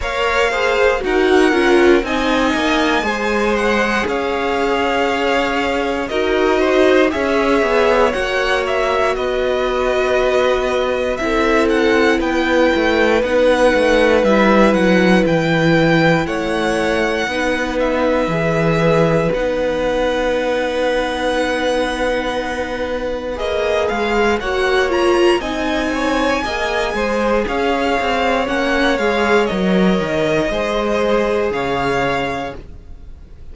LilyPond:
<<
  \new Staff \with { instrumentName = "violin" } { \time 4/4 \tempo 4 = 59 f''4 fis''4 gis''4. fis''8 | f''2 dis''4 e''4 | fis''8 e''8 dis''2 e''8 fis''8 | g''4 fis''4 e''8 fis''8 g''4 |
fis''4. e''4. fis''4~ | fis''2. dis''8 f''8 | fis''8 ais''8 gis''2 f''4 | fis''8 f''8 dis''2 f''4 | }
  \new Staff \with { instrumentName = "violin" } { \time 4/4 cis''8 c''8 ais'4 dis''4 c''4 | cis''2 ais'8 c''8 cis''4~ | cis''4 b'2 a'4 | b'1 |
cis''4 b'2.~ | b'1 | cis''4 dis''8 cis''8 dis''8 c''8 cis''4~ | cis''2 c''4 cis''4 | }
  \new Staff \with { instrumentName = "viola" } { \time 4/4 ais'8 gis'8 fis'8 f'8 dis'4 gis'4~ | gis'2 fis'4 gis'4 | fis'2. e'4~ | e'4 dis'4 e'2~ |
e'4 dis'4 gis'4 dis'4~ | dis'2. gis'4 | fis'8 f'8 dis'4 gis'2 | cis'8 gis'8 ais'4 gis'2 | }
  \new Staff \with { instrumentName = "cello" } { \time 4/4 ais4 dis'8 cis'8 c'8 ais8 gis4 | cis'2 dis'4 cis'8 b8 | ais4 b2 c'4 | b8 a8 b8 a8 g8 fis8 e4 |
a4 b4 e4 b4~ | b2. ais8 gis8 | ais4 c'4 ais8 gis8 cis'8 c'8 | ais8 gis8 fis8 dis8 gis4 cis4 | }
>>